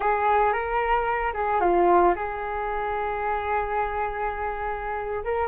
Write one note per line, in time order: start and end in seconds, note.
0.00 0.52 G#4
0.52 1.33 A#4
1.33 1.60 G#4
1.60 2.14 F4
2.15 5.23 G#4
5.24 5.47 A#4